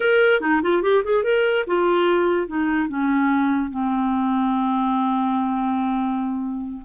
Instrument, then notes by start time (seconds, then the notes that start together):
clarinet
0.00 A#4
0.40 D#4
0.62 F4
0.82 G4
1.04 G#4
1.23 A#4
1.66 F4
2.47 D#4
2.88 C#4
3.70 C4